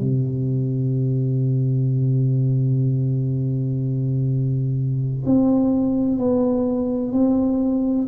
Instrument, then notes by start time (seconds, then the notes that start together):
tuba
0.00 C3
5.26 C4
6.18 B3
7.12 C4